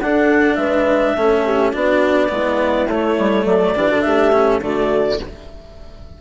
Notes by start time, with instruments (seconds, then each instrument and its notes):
0.00 bassoon D4, cello D4, horn A4, clarinet F#5
0.55 bassoon G#3, horn B4, clarinet E5
1.16 bassoon A3, cello C#4, horn A4
1.45 horn G4
1.72 bassoon B3, cello D4, horn F#4, clarinet D5
2.28 bassoon G#3, cello B3, horn E4
2.87 bassoon A3, cello A3, clarinet C#5
3.18 bassoon G3
3.45 bassoon F#3, horn A4, clarinet D5
3.75 bassoon E3, cello D4, horn G4
3.87 bassoon D3, horn F#4
4.01 bassoon A3, horn G4, clarinet E5
4.32 cello C#4
4.61 bassoon D3, cello A3, horn F#4, clarinet D5